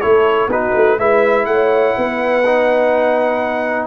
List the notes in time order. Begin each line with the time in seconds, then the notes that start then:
0.00 A3 E4 A4 C#5
0.47 B3 D#4 F#4 B4
0.74 A3
0.97 G#3 E4 B4 E5
1.45 A3 C#5 F#5
1.97 B3 B4
2.45 D#4